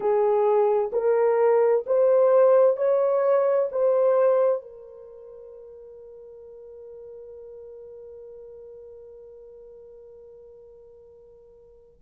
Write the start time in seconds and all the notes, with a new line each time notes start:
0.00 G#4
0.92 A#4
1.86 C5
2.77 C#5
3.71 C5
4.62 A#4